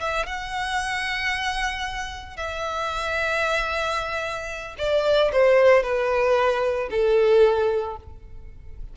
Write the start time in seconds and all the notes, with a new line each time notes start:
0.00 E5
0.26 F#5
2.36 E5
4.78 D5
5.32 C5
5.83 B4
6.91 A4